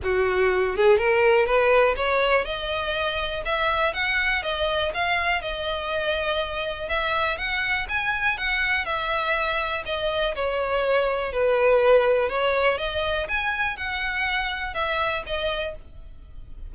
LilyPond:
\new Staff \with { instrumentName = "violin" } { \time 4/4 \tempo 4 = 122 fis'4. gis'8 ais'4 b'4 | cis''4 dis''2 e''4 | fis''4 dis''4 f''4 dis''4~ | dis''2 e''4 fis''4 |
gis''4 fis''4 e''2 | dis''4 cis''2 b'4~ | b'4 cis''4 dis''4 gis''4 | fis''2 e''4 dis''4 | }